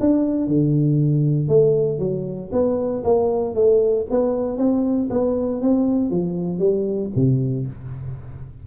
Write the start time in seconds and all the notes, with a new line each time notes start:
0.00 D4
0.48 D3
1.48 A3
1.99 F#3
2.52 B3
3.04 A#3
3.55 A3
4.10 B3
4.58 C4
5.10 B3
5.62 C4
6.10 F3
6.59 G3
7.16 C3